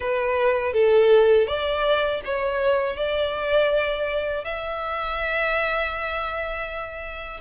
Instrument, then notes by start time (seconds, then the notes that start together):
violin
0.00 B4
0.73 A4
1.47 D5
2.25 C#5
2.96 D5
4.44 E5